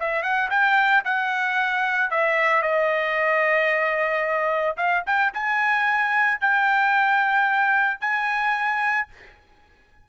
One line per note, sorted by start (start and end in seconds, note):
0.00 0.23 E5
0.23 0.50 F#5
0.51 1.04 G5
1.05 2.11 F#5
2.11 2.63 E5
2.63 4.77 D#5
4.78 5.04 F5
5.06 5.33 G5
5.34 6.41 G#5
6.41 8.01 G5
8.01 9.08 G#5